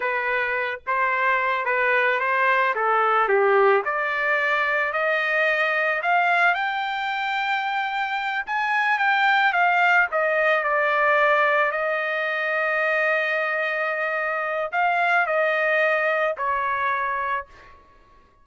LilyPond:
\new Staff \with { instrumentName = "trumpet" } { \time 4/4 \tempo 4 = 110 b'4. c''4. b'4 | c''4 a'4 g'4 d''4~ | d''4 dis''2 f''4 | g''2.~ g''8 gis''8~ |
gis''8 g''4 f''4 dis''4 d''8~ | d''4. dis''2~ dis''8~ | dis''2. f''4 | dis''2 cis''2 | }